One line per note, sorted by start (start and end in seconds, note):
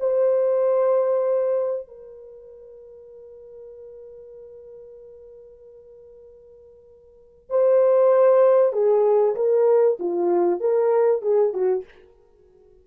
0.00 1.88 C5
1.88 7.50 A#4
7.50 8.73 C5
8.73 9.35 G#4
9.36 9.98 A#4
9.99 10.61 F4
10.61 11.22 A#4
11.22 11.53 G#4
11.54 11.85 F#4